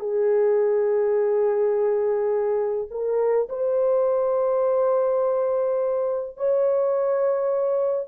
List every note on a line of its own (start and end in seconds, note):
0.00 2.88 G#4
2.91 3.49 A#4
3.49 6.37 C5
6.37 8.08 C#5